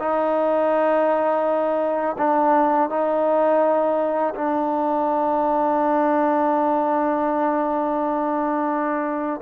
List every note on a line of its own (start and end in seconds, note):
0.00 2.17 D#4
2.18 2.90 D4
2.90 4.34 D#4
4.35 9.41 D4